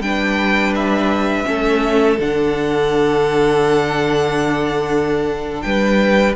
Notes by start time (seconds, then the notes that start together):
0.00 G3 D4 B4 G5
0.75 E5
1.45 A3 C#4 A4
2.19 D3 D4 F#5
5.62 G3 B4 G5